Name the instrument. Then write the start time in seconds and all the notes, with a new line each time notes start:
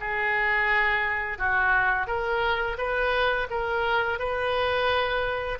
oboe
0.00 G#4
1.38 F#4
2.07 A#4
2.77 B4
3.50 A#4
4.19 B4